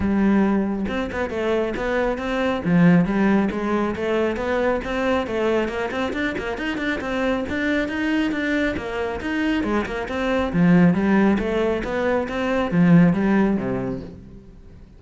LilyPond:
\new Staff \with { instrumentName = "cello" } { \time 4/4 \tempo 4 = 137 g2 c'8 b8 a4 | b4 c'4 f4 g4 | gis4 a4 b4 c'4 | a4 ais8 c'8 d'8 ais8 dis'8 d'8 |
c'4 d'4 dis'4 d'4 | ais4 dis'4 gis8 ais8 c'4 | f4 g4 a4 b4 | c'4 f4 g4 c4 | }